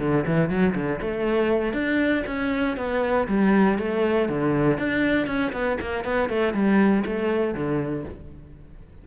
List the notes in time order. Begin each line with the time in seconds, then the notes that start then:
0.00 D3
0.27 E3
0.50 F#3
0.75 D3
1.01 A3
1.73 D4
2.27 C#4
2.77 B3
3.28 G3
3.79 A3
4.29 D3
4.78 D4
5.27 C#4
5.53 B3
5.81 A#3
6.05 B3
6.29 A3
6.54 G3
7.06 A3
7.55 D3